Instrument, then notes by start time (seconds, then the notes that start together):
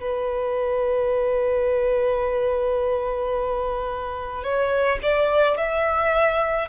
violin
0.00 B4
4.43 C#5
5.03 D5
5.57 E5